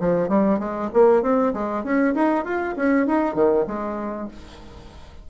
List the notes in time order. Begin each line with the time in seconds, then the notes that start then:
0.00 F3
0.29 G3
0.59 G#3
0.93 A#3
1.22 C4
1.54 G#3
1.84 C#4
2.14 D#4
2.45 F4
2.76 C#4
3.07 D#4
3.35 D#3
3.67 G#3